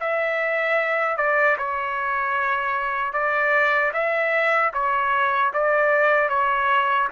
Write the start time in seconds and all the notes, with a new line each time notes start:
0.00 E5
1.17 D5
1.58 C#5
3.13 D5
3.93 E5
4.73 C#5
5.53 D5
6.29 C#5